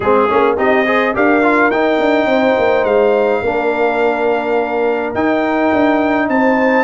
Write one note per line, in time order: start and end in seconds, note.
0.00 0.28 G#3
0.00 0.28 C4
0.00 0.56 G#4
0.00 0.57 G#4
0.28 0.58 A#3
0.28 0.57 C#4
0.57 1.15 C4
0.57 0.85 D#4
0.57 0.85 G4
0.57 1.15 D#5
0.85 1.14 G#4
0.85 1.14 C5
1.14 1.70 D4
1.14 1.42 G4
1.14 2.28 A#4
1.14 1.70 F5
1.42 1.71 F4
1.70 1.99 D#4
1.70 3.44 D#4
1.70 2.84 G5
2.00 2.25 D4
2.25 2.53 C4
2.25 3.41 C5
2.58 2.84 A#3
2.84 3.41 G#3
2.84 5.12 F5
3.41 5.13 A#3
3.41 5.15 D4
3.41 6.27 A#4
5.14 5.71 D#4
5.14 6.83 D#4
5.14 6.28 G5
5.72 6.29 D4
6.29 6.83 C4
6.29 6.83 C5
6.29 6.83 A5